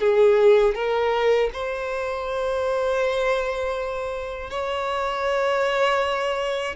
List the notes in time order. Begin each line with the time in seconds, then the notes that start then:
0.00 G#4
0.75 A#4
1.53 C5
4.50 C#5